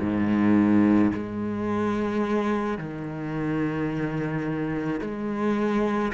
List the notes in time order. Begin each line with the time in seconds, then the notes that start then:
0.00 G#2
1.13 G#3
2.78 D#3
5.01 G#3